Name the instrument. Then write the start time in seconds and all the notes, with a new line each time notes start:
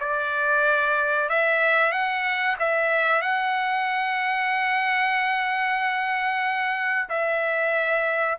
trumpet
0.00 D5
1.29 E5
1.92 F#5
2.60 E5
3.22 F#5
7.09 E5